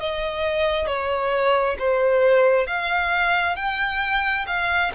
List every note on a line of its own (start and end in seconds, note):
0.00 0.87 D#5
0.87 1.77 C#5
1.79 2.67 C5
2.67 3.56 F5
3.56 4.46 G5
4.47 4.92 F5